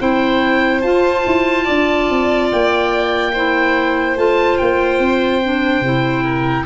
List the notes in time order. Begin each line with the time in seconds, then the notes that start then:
0.00 C4 E4 C5 G5
0.82 F4 A5
1.27 E4
1.65 D4 D5
2.10 C4
2.52 A#3 G5
3.33 E4 C5
4.17 A3 F4 A5
4.58 A#3 G5
4.99 C4
5.43 D4
5.81 C3 E4
6.23 A#4